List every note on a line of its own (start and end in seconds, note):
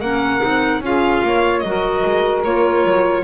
0.00 0.42 A#3
0.00 0.41 C#4
0.00 0.81 A#4
0.00 0.82 F#5
0.41 0.81 C4
0.41 0.81 D#4
0.81 1.21 C#4
0.81 1.65 F4
0.81 1.24 G#4
0.81 1.60 F5
1.23 1.64 A#3
1.23 1.66 C#5
1.60 2.04 F#3
1.60 2.46 F#4
1.60 2.41 D#5
1.68 3.24 A#4
2.06 2.45 G#3
2.45 2.85 A#3
2.45 3.24 F4
2.45 3.24 C#5
2.85 3.24 F#3